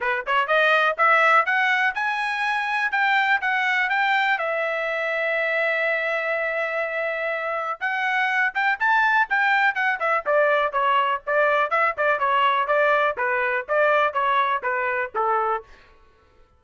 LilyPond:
\new Staff \with { instrumentName = "trumpet" } { \time 4/4 \tempo 4 = 123 b'8 cis''8 dis''4 e''4 fis''4 | gis''2 g''4 fis''4 | g''4 e''2.~ | e''1 |
fis''4. g''8 a''4 g''4 | fis''8 e''8 d''4 cis''4 d''4 | e''8 d''8 cis''4 d''4 b'4 | d''4 cis''4 b'4 a'4 | }